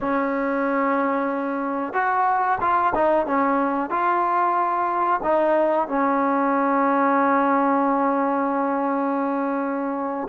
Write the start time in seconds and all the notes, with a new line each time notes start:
0.00 C#4
1.93 F#4
2.60 F4
2.94 D#4
3.26 C#4
3.90 F4
5.23 D#4
5.88 C#4